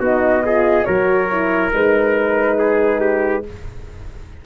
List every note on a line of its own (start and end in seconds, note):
0.00 0.86 B3
0.00 0.44 D#4
0.00 0.43 F#4
0.00 0.84 D#5
0.45 0.85 F4
0.45 0.86 G#4
0.84 1.73 F#3
0.84 1.28 F#4
0.84 2.58 A#4
0.84 1.70 C#5
1.31 1.72 E4
1.72 3.45 G#3
1.72 3.43 D#4
1.72 3.46 B4
2.59 3.00 G#4
3.00 3.43 G4